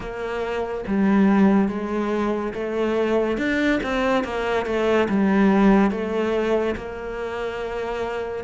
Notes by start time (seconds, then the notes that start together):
0.00 A#3
0.87 G3
1.68 G#3
2.53 A3
3.37 D4
3.83 C4
4.23 A#3
4.66 A3
5.08 G3
5.90 A3
6.76 A#3